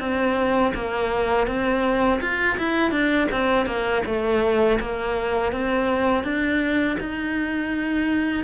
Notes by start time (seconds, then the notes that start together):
0.00 C4
0.75 A#3
1.47 C4
2.21 F4
2.59 E4
2.92 D4
3.32 C4
3.67 A#3
4.06 A3
4.80 A#3
5.52 C4
6.24 D4
7.00 D#4